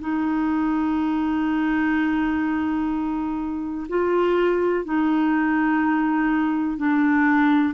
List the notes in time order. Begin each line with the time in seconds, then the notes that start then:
0.00 D#4
3.88 F4
4.84 D#4
6.77 D4